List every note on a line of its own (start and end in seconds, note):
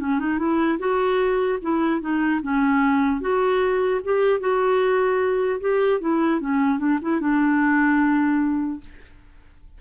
0.00 0.20 C#4
0.20 0.39 D#4
0.39 0.79 E4
0.79 1.59 F#4
1.62 2.01 E4
2.01 2.41 D#4
2.42 3.21 C#4
3.21 4.01 F#4
4.04 4.40 G4
4.40 5.60 F#4
5.61 6.01 G4
6.01 6.41 E4
6.41 6.79 C#4
6.79 6.99 D4
7.02 7.21 E4
7.21 8.81 D4